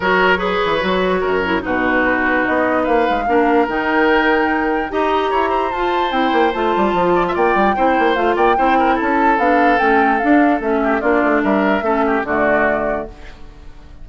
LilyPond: <<
  \new Staff \with { instrumentName = "flute" } { \time 4/4 \tempo 4 = 147 cis''1 | b'2 dis''4 f''4~ | f''4 g''2. | ais''2 a''4 g''4 |
a''2 g''2 | f''8 g''4. a''4 f''4 | g''4 f''4 e''4 d''4 | e''2 d''2 | }
  \new Staff \with { instrumentName = "oboe" } { \time 4/4 ais'4 b'2 ais'4 | fis'2. b'4 | ais'1 | dis''4 cis''8 c''2~ c''8~ |
c''4. d''16 e''16 d''4 c''4~ | c''8 d''8 c''8 ais'8 a'2~ | a'2~ a'8 g'8 f'4 | ais'4 a'8 g'8 fis'2 | }
  \new Staff \with { instrumentName = "clarinet" } { \time 4/4 fis'4 gis'4 fis'4. e'8 | dis'1 | d'4 dis'2. | g'2 f'4 e'4 |
f'2. e'4 | f'4 e'2 d'4 | cis'4 d'4 cis'4 d'4~ | d'4 cis'4 a2 | }
  \new Staff \with { instrumentName = "bassoon" } { \time 4/4 fis4. e8 fis4 fis,4 | b,2 b4 ais8 gis8 | ais4 dis2. | dis'4 e'4 f'4 c'8 ais8 |
a8 g8 f4 ais8 g8 c'8 ais8 | a8 ais8 c'4 cis'4 b4 | a4 d'4 a4 ais8 a8 | g4 a4 d2 | }
>>